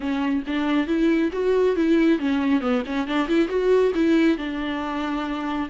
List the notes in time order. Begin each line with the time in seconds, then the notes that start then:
0.00 C#4
0.46 D4
0.87 E4
1.32 F#4
1.76 E4
2.19 C#4
2.60 B3
2.85 C#4
3.07 D4
3.28 E4
3.48 F#4
3.94 E4
4.37 D4